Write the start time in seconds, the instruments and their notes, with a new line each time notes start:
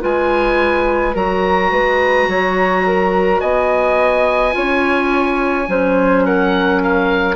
0.00 bassoon G#3, clarinet F4, flute B4, oboe G#5
1.14 bassoon F#3, clarinet F#4, flute A#4, oboe A#5
1.71 bassoon G#3, flute B4
2.27 bassoon F#3, flute C#5
2.86 flute A#4
3.40 bassoon B3, flute D#5, oboe G#5
4.51 bassoon C#4, clarinet F4, flute C#5
5.66 bassoon F#3, clarinet C#4, flute C5
6.25 flute A#4, oboe F#5
6.82 oboe F5